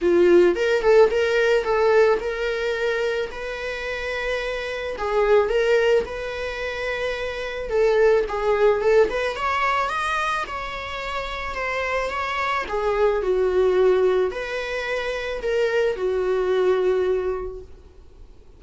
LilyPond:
\new Staff \with { instrumentName = "viola" } { \time 4/4 \tempo 4 = 109 f'4 ais'8 a'8 ais'4 a'4 | ais'2 b'2~ | b'4 gis'4 ais'4 b'4~ | b'2 a'4 gis'4 |
a'8 b'8 cis''4 dis''4 cis''4~ | cis''4 c''4 cis''4 gis'4 | fis'2 b'2 | ais'4 fis'2. | }